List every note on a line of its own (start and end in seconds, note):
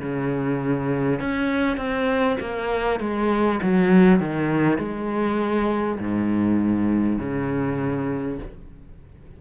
0.00 1.19 C#3
1.19 1.77 C#4
1.77 2.37 C4
2.40 2.99 A#3
2.99 3.59 G#3
3.63 4.19 F#3
4.19 4.78 D#3
4.78 5.98 G#3
5.98 7.18 G#2
7.18 8.38 C#3